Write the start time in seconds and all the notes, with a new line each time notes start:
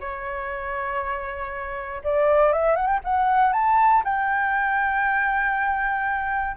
0.00 C#5
2.04 D5
2.53 E5
2.76 F#5
2.87 G5
3.04 F#5
3.52 A5
4.04 G5